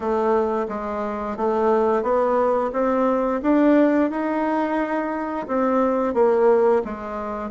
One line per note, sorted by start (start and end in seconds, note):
0.00 0.66 A3
0.68 1.36 G#3
1.36 2.02 A3
2.02 2.71 B3
2.73 3.41 C4
3.42 4.10 D4
4.10 5.46 D#4
5.47 6.14 C4
6.14 6.82 A#3
6.84 7.50 G#3